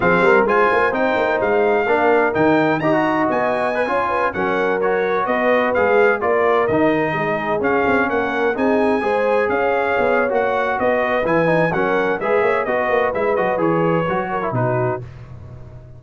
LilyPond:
<<
  \new Staff \with { instrumentName = "trumpet" } { \time 4/4 \tempo 4 = 128 f''4 gis''4 g''4 f''4~ | f''4 g''4 ais''4 gis''4~ | gis''4~ gis''16 fis''4 cis''4 dis''8.~ | dis''16 f''4 d''4 dis''4.~ dis''16~ |
dis''16 f''4 fis''4 gis''4.~ gis''16~ | gis''16 f''4.~ f''16 fis''4 dis''4 | gis''4 fis''4 e''4 dis''4 | e''8 dis''8 cis''2 b'4 | }
  \new Staff \with { instrumentName = "horn" } { \time 4/4 gis'8 ais'8 c''2. | ais'2 dis''2~ | dis''16 cis''8 b'8 ais'2 b'8.~ | b'4~ b'16 ais'2 gis'8.~ |
gis'4~ gis'16 ais'4 gis'4 c''8.~ | c''16 cis''2~ cis''8. b'4~ | b'4 ais'4 b'8 cis''8 b'4~ | b'2~ b'8 ais'8 fis'4 | }
  \new Staff \with { instrumentName = "trombone" } { \time 4/4 c'4 f'4 dis'2 | d'4 dis'4 g'16 fis'4.~ fis'16 | b'16 f'4 cis'4 fis'4.~ fis'16~ | fis'16 gis'4 f'4 dis'4.~ dis'16~ |
dis'16 cis'2 dis'4 gis'8.~ | gis'2 fis'2 | e'8 dis'8 cis'4 gis'4 fis'4 | e'8 fis'8 gis'4 fis'8. e'16 dis'4 | }
  \new Staff \with { instrumentName = "tuba" } { \time 4/4 f8 g8 gis8 ais8 c'8 ais8 gis4 | ais4 dis4 dis'4 b4~ | b16 cis'4 fis2 b8.~ | b16 gis4 ais4 dis4 gis8.~ |
gis16 cis'8 c'8 ais4 c'4 gis8.~ | gis16 cis'4 b8. ais4 b4 | e4 fis4 gis8 ais8 b8 ais8 | gis8 fis8 e4 fis4 b,4 | }
>>